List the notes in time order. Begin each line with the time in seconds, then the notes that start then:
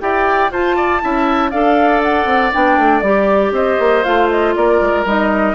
0.00 E4 G4 D5 G5
0.51 F4 C5 A5
0.76 D5
1.01 C#4 E4 E5
1.51 D4 A4 D5 F5
2.02 F#5
2.25 C4
2.52 B3 D4 G5
2.78 A3
3.00 G3 G4 D5
3.52 C4 C5 D#5
3.79 A#3
4.04 A3 F4 F5
4.30 D#5
4.55 A#3 A#4 D5
4.81 G#3
5.05 G3 D#4 D#5